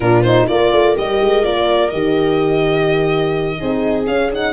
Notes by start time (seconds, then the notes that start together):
0.00 A#2 D4 F4 A#4
0.22 D#4 C5
0.47 A#3 F4 A#4 D5
0.72 A3
0.95 G3 G4 D#5
1.21 G#3
1.43 A#3 F4 D5
1.90 D#3 G4 D#5
3.58 C4 D#4 G#4
4.06 C#4 F5
4.32 D#4 F#5